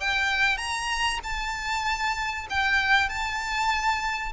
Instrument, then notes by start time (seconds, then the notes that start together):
violin
0.00 G5
0.57 A#5
1.23 A5
2.50 G5
3.09 A5